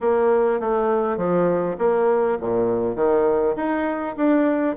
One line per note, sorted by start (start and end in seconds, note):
0.00 0.60 A#3
0.60 1.17 A3
1.17 1.76 F3
1.78 2.38 A#3
2.41 2.95 A#2
2.95 3.55 D#3
3.56 4.15 D#4
4.16 4.76 D4